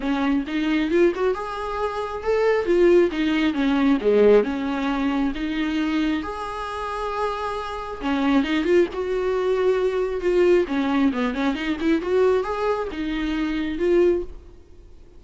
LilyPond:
\new Staff \with { instrumentName = "viola" } { \time 4/4 \tempo 4 = 135 cis'4 dis'4 f'8 fis'8 gis'4~ | gis'4 a'4 f'4 dis'4 | cis'4 gis4 cis'2 | dis'2 gis'2~ |
gis'2 cis'4 dis'8 f'8 | fis'2. f'4 | cis'4 b8 cis'8 dis'8 e'8 fis'4 | gis'4 dis'2 f'4 | }